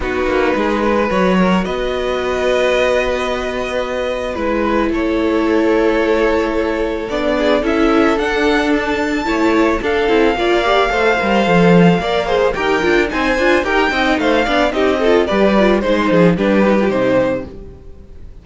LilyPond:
<<
  \new Staff \with { instrumentName = "violin" } { \time 4/4 \tempo 4 = 110 b'2 cis''4 dis''4~ | dis''1 | b'4 cis''2.~ | cis''4 d''4 e''4 fis''4 |
a''2 f''2~ | f''2. g''4 | gis''4 g''4 f''4 dis''4 | d''4 c''4 b'4 c''4 | }
  \new Staff \with { instrumentName = "violin" } { \time 4/4 fis'4 gis'8 b'4 ais'8 b'4~ | b'1~ | b'4 a'2.~ | a'4. gis'8 a'2~ |
a'4 cis''4 a'4 d''4 | c''2 d''8 c''8 ais'4 | c''4 ais'8 dis''8 c''8 d''8 g'8 a'8 | b'4 c''8 gis'8 g'2 | }
  \new Staff \with { instrumentName = "viola" } { \time 4/4 dis'2 fis'2~ | fis'1 | e'1~ | e'4 d'4 e'4 d'4~ |
d'4 e'4 d'8 e'8 f'8 g'8 | a'8 ais'8 a'4 ais'8 gis'8 g'8 f'8 | dis'8 f'8 g'8 dis'4 d'8 dis'8 f'8 | g'8 f'8 dis'4 d'8 dis'16 f'16 dis'4 | }
  \new Staff \with { instrumentName = "cello" } { \time 4/4 b8 ais8 gis4 fis4 b4~ | b1 | gis4 a2.~ | a4 b4 cis'4 d'4~ |
d'4 a4 d'8 c'8 ais4 | a8 g8 f4 ais4 dis'8 d'8 | c'8 d'8 dis'8 c'8 a8 b8 c'4 | g4 gis8 f8 g4 c4 | }
>>